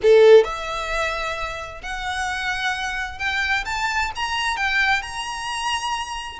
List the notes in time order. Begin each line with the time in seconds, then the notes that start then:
0.02 A4
0.44 E5
1.83 F#5
3.18 G5
3.65 A5
4.15 A#5
4.57 G5
5.02 A#5